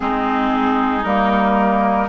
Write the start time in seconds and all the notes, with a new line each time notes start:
0.00 G#3 C4 D#4 G#4
1.04 G3 A#3 A#4